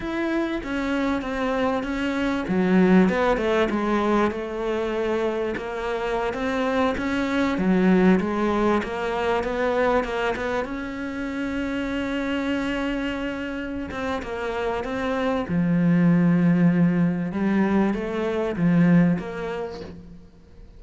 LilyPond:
\new Staff \with { instrumentName = "cello" } { \time 4/4 \tempo 4 = 97 e'4 cis'4 c'4 cis'4 | fis4 b8 a8 gis4 a4~ | a4 ais4~ ais16 c'4 cis'8.~ | cis'16 fis4 gis4 ais4 b8.~ |
b16 ais8 b8 cis'2~ cis'8.~ | cis'2~ cis'8 c'8 ais4 | c'4 f2. | g4 a4 f4 ais4 | }